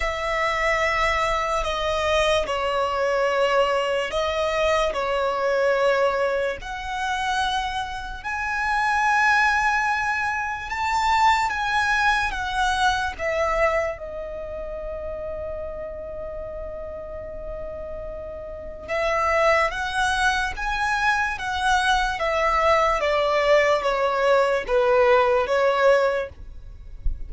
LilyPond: \new Staff \with { instrumentName = "violin" } { \time 4/4 \tempo 4 = 73 e''2 dis''4 cis''4~ | cis''4 dis''4 cis''2 | fis''2 gis''2~ | gis''4 a''4 gis''4 fis''4 |
e''4 dis''2.~ | dis''2. e''4 | fis''4 gis''4 fis''4 e''4 | d''4 cis''4 b'4 cis''4 | }